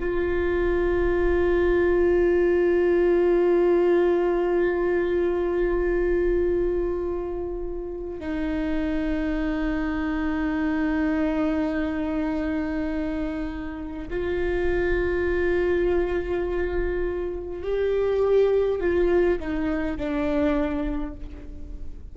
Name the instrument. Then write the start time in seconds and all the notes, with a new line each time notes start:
viola
0.00 F4
8.20 D#4
14.11 F4
17.63 G4
18.81 F4
19.40 D#4
19.97 D4